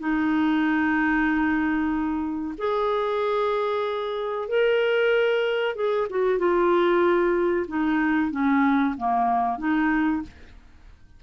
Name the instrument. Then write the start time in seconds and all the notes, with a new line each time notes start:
clarinet
0.00 D#4
2.59 G#4
4.49 A#4
5.76 G#4
6.10 F#4
6.39 F4
7.68 D#4
8.32 C#4
8.98 A#3
9.59 D#4